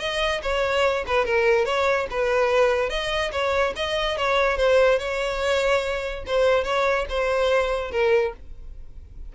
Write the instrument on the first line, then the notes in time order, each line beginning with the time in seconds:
violin
0.00 D#5
0.43 C#5
1.07 B4
1.26 A#4
1.66 C#5
2.11 B4
2.90 D#5
3.32 C#5
3.77 D#5
4.17 C#5
4.58 C5
4.99 C#5
6.27 C5
6.64 C#5
7.10 C5
7.91 A#4